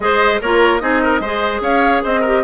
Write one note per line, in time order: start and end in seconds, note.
0.00 0.40 G#3
0.00 0.41 G#4
0.00 0.41 C5
0.00 0.40 D#5
0.41 0.81 A#3
0.41 0.80 F4
0.41 0.81 A#4
0.41 0.79 C#5
0.79 1.20 C4
0.79 1.20 D#4
0.79 1.02 G#4
0.79 1.60 D#5
1.02 1.21 A#4
1.20 1.60 G#3
1.20 2.26 G#4
1.20 1.61 C5
1.61 2.01 C#4
1.61 2.03 C#5
1.61 2.03 F5
2.03 2.44 C4
2.03 2.20 C5
2.03 2.44 D#5
2.20 2.44 G4
2.20 2.40 A#4